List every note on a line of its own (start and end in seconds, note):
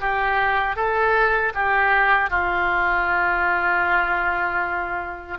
0.00 0.76 G4
0.76 1.53 A4
1.54 2.30 G4
2.30 5.38 F4